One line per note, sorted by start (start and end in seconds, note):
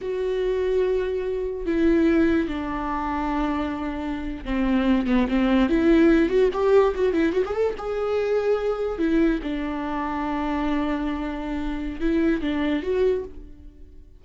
0.01 1.66 F#4
1.66 2.48 E4
2.48 4.44 D4
4.44 5.06 C4
5.07 5.27 B3
5.28 5.69 C4
5.69 6.29 E4
6.29 6.49 F#4
6.53 6.94 G4
6.95 7.12 F#4
7.12 7.32 E4
7.32 7.42 F#4
7.45 7.53 G#4
7.53 7.74 A4
7.78 8.98 G#4
8.98 9.39 E4
9.43 12.00 D4
12.00 12.41 E4
12.41 12.82 D4
12.82 13.24 F#4